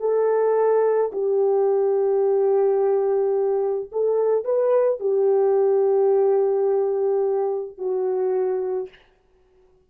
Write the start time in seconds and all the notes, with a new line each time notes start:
0.00 A4
1.12 G4
3.91 A4
4.44 B4
5.00 G4
7.78 F#4